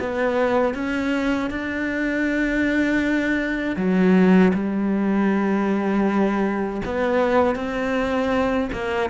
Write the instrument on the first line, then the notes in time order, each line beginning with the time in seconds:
cello
0.00 B3
0.74 C#4
1.51 D4
3.77 F#3
4.54 G3
6.85 B3
7.56 C4
8.73 A#3